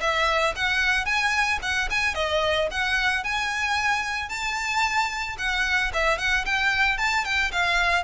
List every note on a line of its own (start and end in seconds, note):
0.00 0.54 E5
0.56 1.05 F#5
1.05 1.59 G#5
1.62 1.88 F#5
1.90 2.14 G#5
2.14 2.68 D#5
2.71 3.24 F#5
3.24 4.29 G#5
4.29 5.36 A5
5.38 5.91 F#5
5.93 6.18 E5
6.18 6.45 F#5
6.45 6.98 G5
6.98 7.24 A5
7.24 7.51 G5
7.51 8.03 F5